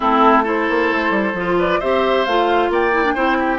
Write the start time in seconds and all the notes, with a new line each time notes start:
0.00 A3 C4 E4 A4
0.43 E4 A4 C5
0.69 A#3
0.91 A3
1.09 G3
1.33 F3 F4
1.58 B4 D5
1.79 C4 G4 C5 E5
2.25 A3 F4 F5
2.69 A#3 D5 G5
2.92 E4
3.04 D4
3.14 C4 E4 C5
3.38 G4